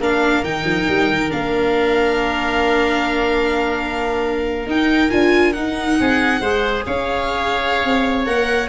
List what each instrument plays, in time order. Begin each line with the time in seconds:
0.00 tuba A#3, viola D4, oboe A#4, violin F5
0.44 tuba D#3, viola D#4, violin G5
0.64 tuba F3
0.88 tuba G3
1.10 tuba D#3
1.30 tuba A#3, viola D4, violin F5
4.66 tuba D#4, viola D#4, violin G5
5.10 tuba D4, viola F4, violin G#5
5.53 viola D#4, tuba D#4, violin F#5
6.00 tuba C4, oboe G#4
6.41 tuba G#3, viola G#4, oboe C5
6.86 tuba C#4, oboe C#5, violin F5
7.84 tuba C4
8.25 tuba A#3, viola A#4, violin F#5